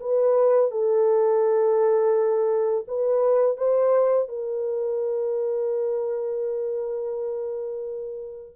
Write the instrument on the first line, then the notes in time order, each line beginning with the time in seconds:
horn
0.00 B4
0.71 A4
2.87 B4
3.57 C5
4.28 A#4